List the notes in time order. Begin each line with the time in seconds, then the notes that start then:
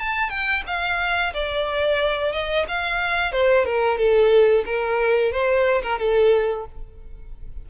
0.00 A5
0.30 G5
0.67 F5
1.34 D5
2.32 D#5
2.68 F5
3.32 C5
3.65 A#4
3.98 A4
4.65 A#4
5.32 C5
5.82 A#4
5.99 A4